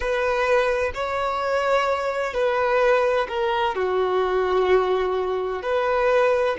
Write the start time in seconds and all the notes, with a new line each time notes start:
0.00 B4
0.94 C#5
2.33 B4
3.28 A#4
3.75 F#4
5.62 B4